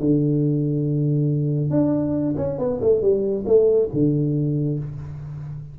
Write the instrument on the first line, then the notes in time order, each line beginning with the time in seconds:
tuba
0.00 D3
1.71 D4
2.37 C#4
2.59 B3
2.82 A3
3.02 G3
3.46 A3
3.93 D3